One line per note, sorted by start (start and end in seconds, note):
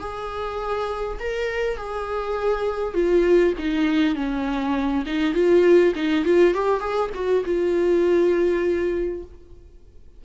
0.00 1.19 G#4
1.20 1.77 A#4
1.77 2.94 G#4
2.94 3.54 F4
3.59 4.16 D#4
4.16 5.05 C#4
5.06 5.34 D#4
5.34 5.94 F4
5.96 6.25 D#4
6.25 6.54 F4
6.54 6.80 G4
6.80 7.10 G#4
7.14 7.44 F#4
7.46 9.24 F4